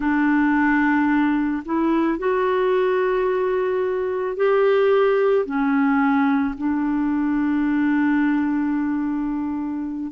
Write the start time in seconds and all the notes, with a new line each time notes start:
0.00 D4
1.65 E4
2.18 F#4
4.36 G4
5.45 C#4
6.57 D4